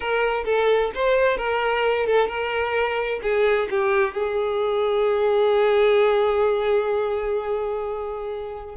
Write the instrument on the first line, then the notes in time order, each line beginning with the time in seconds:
violin
0.00 A#4
0.45 A4
0.94 C5
1.37 A#4
2.06 A4
2.28 A#4
3.22 G#4
3.70 G4
4.14 G#4